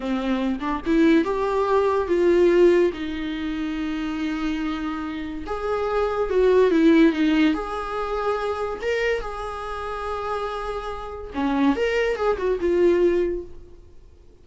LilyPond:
\new Staff \with { instrumentName = "viola" } { \time 4/4 \tempo 4 = 143 c'4. d'8 e'4 g'4~ | g'4 f'2 dis'4~ | dis'1~ | dis'4 gis'2 fis'4 |
e'4 dis'4 gis'2~ | gis'4 ais'4 gis'2~ | gis'2. cis'4 | ais'4 gis'8 fis'8 f'2 | }